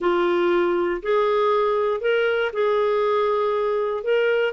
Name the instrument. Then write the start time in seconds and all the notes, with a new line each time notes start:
clarinet
0.00 F4
1.02 G#4
2.00 A#4
2.52 G#4
4.03 A#4